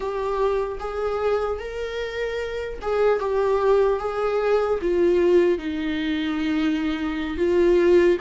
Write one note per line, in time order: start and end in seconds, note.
0.00 0.78 G4
0.79 1.59 G#4
1.59 2.79 A#4
2.81 3.19 G#4
3.19 3.99 G4
3.99 4.79 G#4
4.81 5.58 F4
5.58 7.37 D#4
7.37 8.17 F4